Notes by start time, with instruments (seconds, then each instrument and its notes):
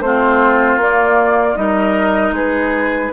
0.00 bassoon A3, clarinet C4, oboe F4, flute C5
0.76 bassoon A#3, clarinet A#3, flute D5
1.55 bassoon G3, clarinet D#4, oboe A#4, flute D#5
2.31 bassoon G#3, oboe G#4, flute B4